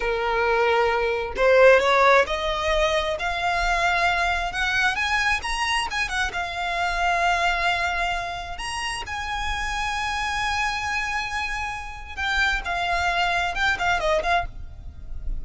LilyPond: \new Staff \with { instrumentName = "violin" } { \time 4/4 \tempo 4 = 133 ais'2. c''4 | cis''4 dis''2 f''4~ | f''2 fis''4 gis''4 | ais''4 gis''8 fis''8 f''2~ |
f''2. ais''4 | gis''1~ | gis''2. g''4 | f''2 g''8 f''8 dis''8 f''8 | }